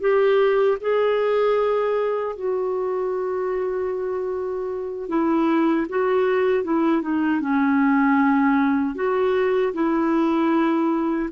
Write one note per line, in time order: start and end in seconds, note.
0.00 0.78 G4
0.80 2.36 G#4
2.36 5.08 F#4
5.08 5.86 E4
5.89 6.64 F#4
6.64 7.02 E4
7.02 7.41 D#4
7.41 8.95 C#4
8.95 9.73 F#4
9.73 11.29 E4